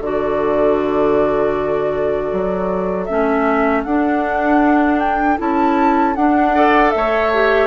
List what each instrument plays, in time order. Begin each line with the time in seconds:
0.00 bassoon D3, clarinet F#4, oboe A4, flute D5
2.32 bassoon F#3
3.04 bassoon A3, clarinet C#4, flute E5
3.83 bassoon D4, clarinet D4, flute F#5
4.99 flute G5
5.37 bassoon C#4, clarinet E4, flute A5
6.15 bassoon D4, clarinet D4, flute F#5
6.54 clarinet A4, oboe D5
6.90 bassoon A3, flute E5
6.97 oboe C#5
7.33 clarinet G4